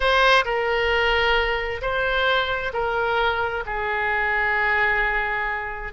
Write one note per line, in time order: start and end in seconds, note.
0.00 0.44 C5
0.44 1.81 A#4
1.81 2.72 C5
2.73 3.64 A#4
3.65 5.93 G#4